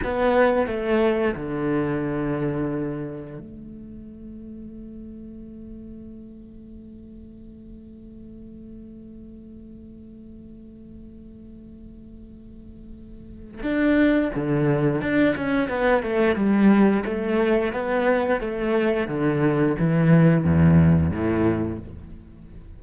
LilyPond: \new Staff \with { instrumentName = "cello" } { \time 4/4 \tempo 4 = 88 b4 a4 d2~ | d4 a2.~ | a1~ | a1~ |
a1 | d'4 d4 d'8 cis'8 b8 a8 | g4 a4 b4 a4 | d4 e4 e,4 a,4 | }